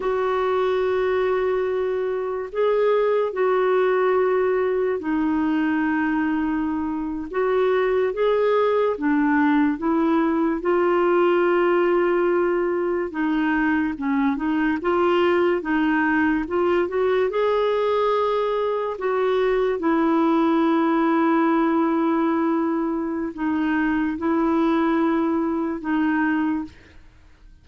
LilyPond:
\new Staff \with { instrumentName = "clarinet" } { \time 4/4 \tempo 4 = 72 fis'2. gis'4 | fis'2 dis'2~ | dis'8. fis'4 gis'4 d'4 e'16~ | e'8. f'2. dis'16~ |
dis'8. cis'8 dis'8 f'4 dis'4 f'16~ | f'16 fis'8 gis'2 fis'4 e'16~ | e'1 | dis'4 e'2 dis'4 | }